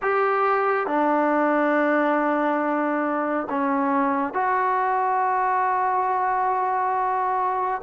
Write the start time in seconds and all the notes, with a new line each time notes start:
0.02 G4
0.86 D4
3.49 C#4
4.33 F#4